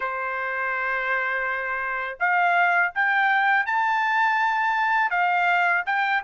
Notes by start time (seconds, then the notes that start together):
0.00 C5
2.20 F5
2.94 G5
3.66 A5
5.10 F5
5.86 G5